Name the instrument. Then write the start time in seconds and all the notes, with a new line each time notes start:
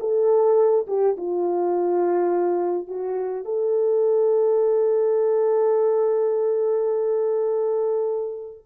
horn
0.00 A4
0.87 G4
1.17 F4
2.87 F#4
3.45 A4